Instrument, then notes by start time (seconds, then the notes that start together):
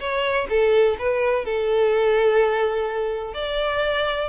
violin
0.00 C#5
0.50 A4
0.99 B4
1.45 A4
3.34 D5